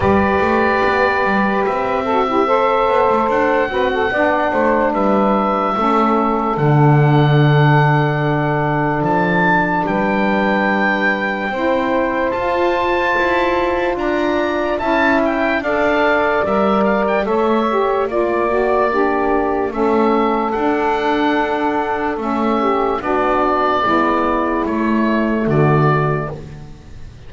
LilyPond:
<<
  \new Staff \with { instrumentName = "oboe" } { \time 4/4 \tempo 4 = 73 d''2 e''2 | fis''2 e''2 | fis''2. a''4 | g''2. a''4~ |
a''4 ais''4 a''8 g''8 f''4 | e''8 f''16 g''16 e''4 d''2 | e''4 fis''2 e''4 | d''2 cis''4 d''4 | }
  \new Staff \with { instrumentName = "saxophone" } { \time 4/4 b'2~ b'8 a'16 g'16 c''4~ | c''8 b'16 a'16 d''8 c''8 b'4 a'4~ | a'1 | b'2 c''2~ |
c''4 d''4 e''4 d''4~ | d''4 cis''4 d''4 d'4 | a'2.~ a'8 g'8 | fis'4 e'2 fis'4 | }
  \new Staff \with { instrumentName = "saxophone" } { \time 4/4 g'2~ g'8 fis'16 e'16 a'4~ | a'8 fis'8 d'2 cis'4 | d'1~ | d'2 e'4 f'4~ |
f'2 e'4 a'4 | ais'4 a'8 g'8 f'8 fis'8 g'4 | cis'4 d'2 cis'4 | d'4 b4 a2 | }
  \new Staff \with { instrumentName = "double bass" } { \time 4/4 g8 a8 b8 g8 c'4. b16 a16 | d'8 c'8 b8 a8 g4 a4 | d2. f4 | g2 c'4 f'4 |
e'4 d'4 cis'4 d'4 | g4 a4 ais2 | a4 d'2 a4 | b4 gis4 a4 d4 | }
>>